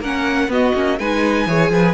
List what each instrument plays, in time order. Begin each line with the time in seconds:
0.00 cello A#3, viola C#4, violin A#4 F#5
0.48 cello B3, viola B3, violin F#4 D#5
0.74 cello A#3, viola C#4
0.99 cello G#3, viola D#4, violin B4 G#5
1.47 cello E3, viola G#4, violin C#5
1.70 cello F3, violin B4